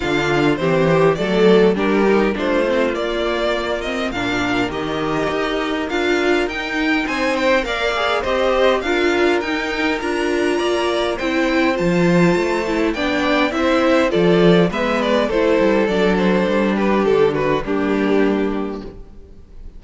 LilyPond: <<
  \new Staff \with { instrumentName = "violin" } { \time 4/4 \tempo 4 = 102 f''4 c''4 d''4 ais'4 | c''4 d''4. dis''8 f''4 | dis''2 f''4 g''4 | gis''8 g''8 f''4 dis''4 f''4 |
g''4 ais''2 g''4 | a''2 g''4 e''4 | d''4 e''8 d''8 c''4 d''8 c''8~ | c''8 b'8 a'8 b'8 g'2 | }
  \new Staff \with { instrumentName = "violin" } { \time 4/4 f'4 g'4 a'4 g'4 | f'2. ais'4~ | ais'1 | c''4 d''4 c''4 ais'4~ |
ais'2 d''4 c''4~ | c''2 d''4 c''4 | a'4 b'4 a'2~ | a'8 g'4 fis'8 d'2 | }
  \new Staff \with { instrumentName = "viola" } { \time 4/4 d'4 c'8 g'8 a4 d'8 dis'8 | d'8 c'8 ais4. c'8 d'4 | g'2 f'4 dis'4~ | dis'4 ais'8 gis'8 g'4 f'4 |
dis'4 f'2 e'4 | f'4. e'8 d'4 e'4 | f'4 b4 e'4 d'4~ | d'2 ais2 | }
  \new Staff \with { instrumentName = "cello" } { \time 4/4 d4 e4 fis4 g4 | a4 ais2 ais,4 | dis4 dis'4 d'4 dis'4 | c'4 ais4 c'4 d'4 |
dis'4 d'4 ais4 c'4 | f4 a4 b4 c'4 | f4 gis4 a8 g8 fis4 | g4 d4 g2 | }
>>